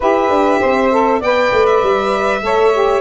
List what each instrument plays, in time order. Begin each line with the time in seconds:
0.00 tuba E4, saxophone G4 B4, violin E5
0.29 tuba D4
0.60 tuba C4, saxophone C5
0.91 saxophone A4
1.19 tuba B3, saxophone B4 D5, violin G5
1.52 tuba A3
1.66 violin E5
1.82 tuba G3
2.42 tuba A3, saxophone A4 C#5
2.73 saxophone G4